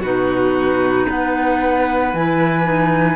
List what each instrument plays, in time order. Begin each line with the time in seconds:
0.00 cello B2, clarinet D#4, violin F#4, flute B4
1.07 cello B3, violin B4, flute F#5
2.13 cello E3, clarinet E4, flute G#5
2.64 clarinet D#4